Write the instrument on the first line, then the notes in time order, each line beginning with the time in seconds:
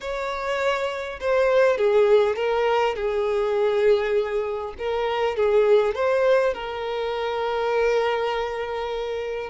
violin
0.00 C#5
1.20 C5
1.77 G#4
2.36 A#4
2.95 G#4
4.78 A#4
5.36 G#4
5.95 C5
6.53 A#4